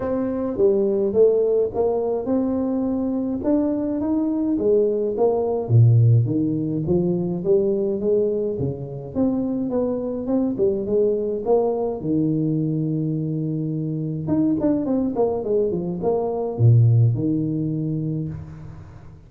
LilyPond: \new Staff \with { instrumentName = "tuba" } { \time 4/4 \tempo 4 = 105 c'4 g4 a4 ais4 | c'2 d'4 dis'4 | gis4 ais4 ais,4 dis4 | f4 g4 gis4 cis4 |
c'4 b4 c'8 g8 gis4 | ais4 dis2.~ | dis4 dis'8 d'8 c'8 ais8 gis8 f8 | ais4 ais,4 dis2 | }